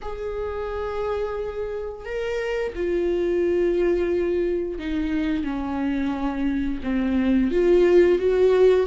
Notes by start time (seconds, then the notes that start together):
0.02 G#4
2.05 A#4
2.75 F4
4.79 D#4
5.44 C#4
6.83 C4
7.51 F4
8.18 F#4